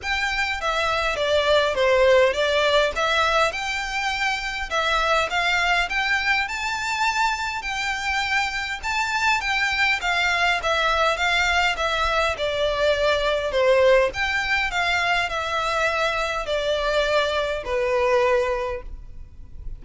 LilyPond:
\new Staff \with { instrumentName = "violin" } { \time 4/4 \tempo 4 = 102 g''4 e''4 d''4 c''4 | d''4 e''4 g''2 | e''4 f''4 g''4 a''4~ | a''4 g''2 a''4 |
g''4 f''4 e''4 f''4 | e''4 d''2 c''4 | g''4 f''4 e''2 | d''2 b'2 | }